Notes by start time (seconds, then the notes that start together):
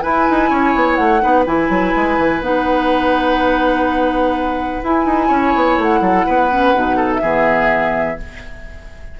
0.00 E4 B4 G#5
0.30 D#4
0.49 C#4 C#5
0.75 B3
0.95 A3 F#5
1.20 B3 D#4 B4
1.45 E3 E4 G#5
1.69 F#3
1.95 G#3
2.18 E3
2.41 B3 D#4 F#5
4.83 E4 G#5
5.05 D#4
5.28 C#4 C#5
5.55 B3
5.77 A3 F#5
6.00 F#3 A4
6.26 B3 B4
6.51 C#4
6.74 B2 D#4
6.96 A4
7.12 E5
7.21 E3 B3 G#4